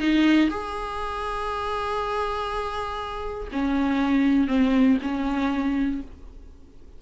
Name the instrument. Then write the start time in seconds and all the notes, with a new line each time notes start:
viola
0.00 D#4
0.50 G#4
3.53 C#4
4.48 C4
5.02 C#4